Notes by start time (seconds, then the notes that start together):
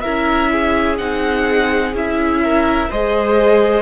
0.00 E4 A#4 E5
0.06 C#4
0.51 G#4
0.97 C4 D#4 F#5
1.93 C#4 E4 E5
2.43 A#4
2.89 G#3 G#4 C5 D#5